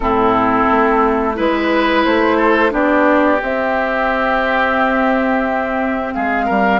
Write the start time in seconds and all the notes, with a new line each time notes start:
0.00 A2 C4 E4 A4
0.70 A3
1.35 G#3 E4 B4
2.04 A3 C5
2.36 A4
2.69 B3 D4 G4 D5
3.42 C4 E5
6.13 G#3 G#4 F5
6.45 G3 A#4